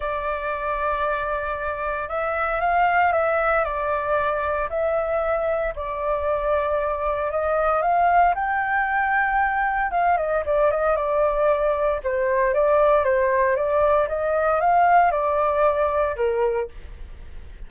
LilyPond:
\new Staff \with { instrumentName = "flute" } { \time 4/4 \tempo 4 = 115 d''1 | e''4 f''4 e''4 d''4~ | d''4 e''2 d''4~ | d''2 dis''4 f''4 |
g''2. f''8 dis''8 | d''8 dis''8 d''2 c''4 | d''4 c''4 d''4 dis''4 | f''4 d''2 ais'4 | }